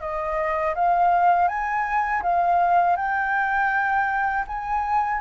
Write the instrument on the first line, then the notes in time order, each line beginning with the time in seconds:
flute
0.00 D#5
0.75 F5
1.48 G#5
2.22 F5
2.96 G5
4.47 G#5